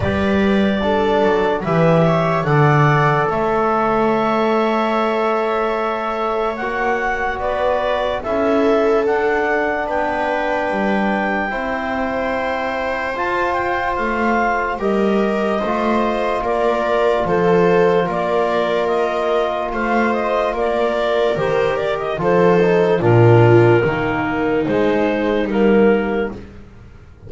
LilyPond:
<<
  \new Staff \with { instrumentName = "clarinet" } { \time 4/4 \tempo 4 = 73 d''2 e''4 fis''4 | e''1 | fis''4 d''4 e''4 fis''4 | g''1 |
a''8 g''8 f''4 dis''2 | d''4 c''4 d''4 dis''4 | f''8 dis''8 d''4 c''8 d''16 dis''16 c''4 | ais'2 c''4 ais'4 | }
  \new Staff \with { instrumentName = "viola" } { \time 4/4 b'4 a'4 b'8 cis''8 d''4 | cis''1~ | cis''4 b'4 a'2 | b'2 c''2~ |
c''2 ais'4 c''4 | ais'4 a'4 ais'2 | c''4 ais'2 a'4 | f'4 dis'2. | }
  \new Staff \with { instrumentName = "trombone" } { \time 4/4 g'4 d'4 g'4 a'4~ | a'1 | fis'2 e'4 d'4~ | d'2 e'2 |
f'2 g'4 f'4~ | f'1~ | f'2 g'4 f'8 dis'8 | d'4 ais4 gis4 ais4 | }
  \new Staff \with { instrumentName = "double bass" } { \time 4/4 g4. fis8 e4 d4 | a1 | ais4 b4 cis'4 d'4 | b4 g4 c'2 |
f'4 a4 g4 a4 | ais4 f4 ais2 | a4 ais4 dis4 f4 | ais,4 dis4 gis4 g4 | }
>>